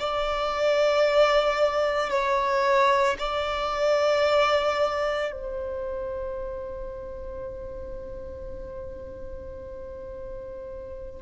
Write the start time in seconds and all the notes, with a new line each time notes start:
0.00 D5
2.10 C#5
3.19 D5
5.32 C5